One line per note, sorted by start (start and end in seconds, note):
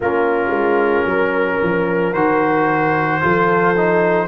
0.00 0.50 A#3
0.00 2.15 C#4
0.00 1.06 F4
0.00 2.13 A#4
0.50 1.03 G#3
1.05 1.58 F#3
1.05 3.21 A#4
1.62 2.13 F3
2.13 3.21 D#3
2.13 3.21 F#4
2.13 4.27 C5
3.21 4.27 F3
3.21 3.75 F4
3.21 4.27 A4
3.77 4.27 D#4